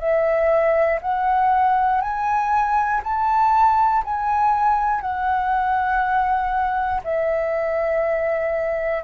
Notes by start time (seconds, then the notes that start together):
0.00 E5
1.02 F#5
2.01 G#5
3.04 A5
4.05 G#5
5.01 F#5
7.04 E5